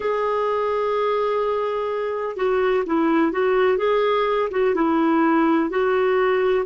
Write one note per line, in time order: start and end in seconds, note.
0.00 2.36 G#4
2.36 2.84 F#4
2.86 3.32 E4
3.32 3.77 F#4
3.77 4.49 G#4
4.51 4.74 F#4
4.74 5.70 E4
5.70 6.65 F#4